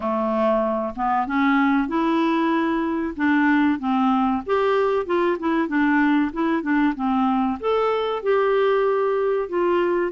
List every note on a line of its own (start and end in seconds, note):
0.00 0.94 A3
0.95 1.26 B3
1.26 1.88 C#4
1.88 3.14 E4
3.16 3.79 D4
3.79 4.42 C4
4.46 5.06 G4
5.06 5.37 F4
5.39 5.68 E4
5.68 6.31 D4
6.32 6.62 E4
6.62 6.93 D4
6.95 7.58 C4
7.60 8.22 A4
8.22 9.49 G4
9.49 10.11 F4